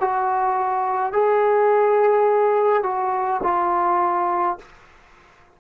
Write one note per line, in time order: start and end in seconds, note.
0.00 1.13 F#4
1.13 2.83 G#4
2.83 3.41 F#4
3.43 4.58 F4